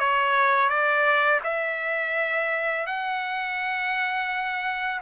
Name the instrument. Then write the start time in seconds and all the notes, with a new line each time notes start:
trumpet
0.00 C#5
0.69 D5
1.44 E5
2.87 F#5